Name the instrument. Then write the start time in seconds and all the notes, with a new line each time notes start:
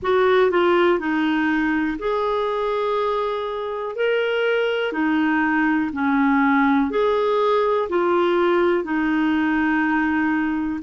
clarinet
0.02 F#4
0.50 F4
0.99 D#4
1.99 G#4
3.95 A#4
4.92 D#4
5.92 C#4
6.90 G#4
7.89 F4
8.83 D#4